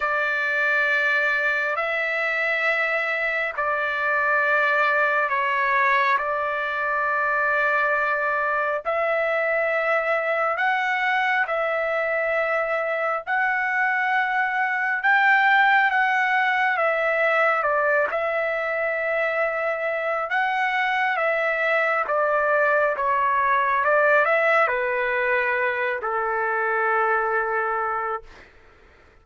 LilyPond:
\new Staff \with { instrumentName = "trumpet" } { \time 4/4 \tempo 4 = 68 d''2 e''2 | d''2 cis''4 d''4~ | d''2 e''2 | fis''4 e''2 fis''4~ |
fis''4 g''4 fis''4 e''4 | d''8 e''2~ e''8 fis''4 | e''4 d''4 cis''4 d''8 e''8 | b'4. a'2~ a'8 | }